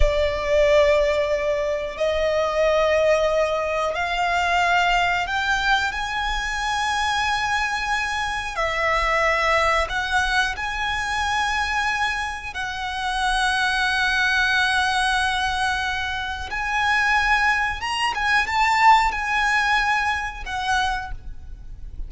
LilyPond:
\new Staff \with { instrumentName = "violin" } { \time 4/4 \tempo 4 = 91 d''2. dis''4~ | dis''2 f''2 | g''4 gis''2.~ | gis''4 e''2 fis''4 |
gis''2. fis''4~ | fis''1~ | fis''4 gis''2 ais''8 gis''8 | a''4 gis''2 fis''4 | }